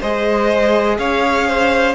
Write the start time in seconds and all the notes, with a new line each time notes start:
0.00 G#3 G#4 C5 D#5
0.98 C#4 C#5 F5
1.47 C5